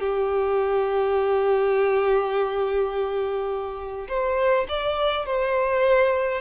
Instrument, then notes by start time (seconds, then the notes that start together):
violin
0.00 G4
4.09 C5
4.69 D5
5.26 C5